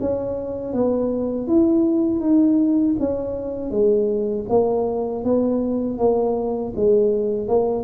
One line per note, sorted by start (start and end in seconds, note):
0.00 0.73 C#4
0.73 1.47 B3
1.47 2.20 E4
2.20 2.95 D#4
2.99 3.71 C#4
3.71 4.45 G#3
4.49 5.24 A#3
5.24 5.98 B3
5.98 6.73 A#3
6.76 7.48 G#3
7.48 7.84 A#3